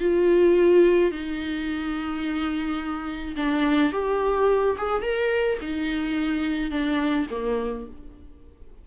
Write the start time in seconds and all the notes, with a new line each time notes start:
0.00 F4
1.11 D#4
3.36 D4
3.92 G4
4.78 G#4
5.02 A#4
5.61 D#4
6.71 D4
7.30 A#3